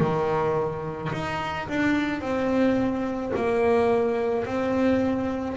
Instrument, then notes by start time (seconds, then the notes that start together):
double bass
0.00 D#3
1.13 D#4
1.68 D4
2.21 C4
3.36 A#3
4.45 C4